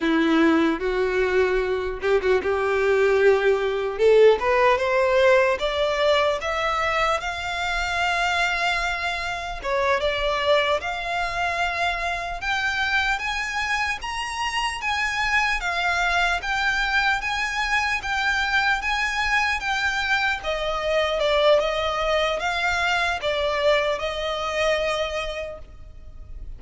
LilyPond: \new Staff \with { instrumentName = "violin" } { \time 4/4 \tempo 4 = 75 e'4 fis'4. g'16 fis'16 g'4~ | g'4 a'8 b'8 c''4 d''4 | e''4 f''2. | cis''8 d''4 f''2 g''8~ |
g''8 gis''4 ais''4 gis''4 f''8~ | f''8 g''4 gis''4 g''4 gis''8~ | gis''8 g''4 dis''4 d''8 dis''4 | f''4 d''4 dis''2 | }